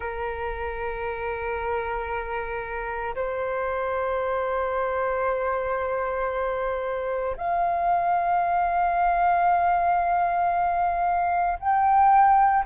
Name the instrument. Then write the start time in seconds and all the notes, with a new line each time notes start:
flute
0.00 A#4
3.15 C5
7.37 F5
11.59 G5